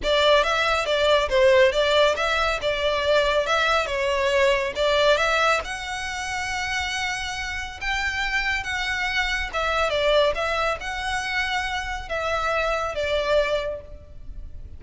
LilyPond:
\new Staff \with { instrumentName = "violin" } { \time 4/4 \tempo 4 = 139 d''4 e''4 d''4 c''4 | d''4 e''4 d''2 | e''4 cis''2 d''4 | e''4 fis''2.~ |
fis''2 g''2 | fis''2 e''4 d''4 | e''4 fis''2. | e''2 d''2 | }